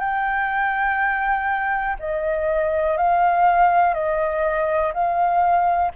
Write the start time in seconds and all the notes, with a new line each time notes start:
0.00 G5
1.99 D#5
2.97 F5
3.94 D#5
4.94 F5